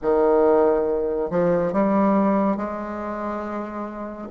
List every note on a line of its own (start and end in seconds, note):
0.02 1.30 D#3
1.30 1.72 F3
1.72 2.56 G3
2.56 4.28 G#3